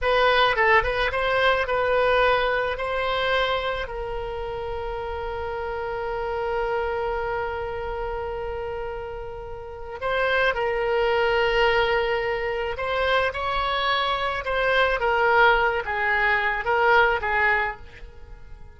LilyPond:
\new Staff \with { instrumentName = "oboe" } { \time 4/4 \tempo 4 = 108 b'4 a'8 b'8 c''4 b'4~ | b'4 c''2 ais'4~ | ais'1~ | ais'1~ |
ais'2 c''4 ais'4~ | ais'2. c''4 | cis''2 c''4 ais'4~ | ais'8 gis'4. ais'4 gis'4 | }